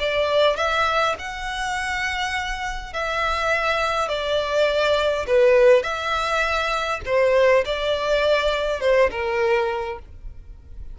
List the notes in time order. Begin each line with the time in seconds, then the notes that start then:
0.00 D5
0.57 E5
1.19 F#5
2.93 E5
4.09 D5
5.27 B4
5.83 E5
7.06 C5
7.66 D5
8.81 C5
9.11 A#4